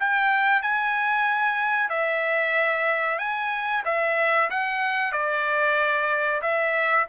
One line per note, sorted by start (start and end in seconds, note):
0.00 0.62 G5
0.62 1.90 G#5
1.90 3.19 E5
3.19 3.83 G#5
3.85 4.50 E5
4.50 5.13 F#5
5.13 6.42 D5
6.42 7.06 E5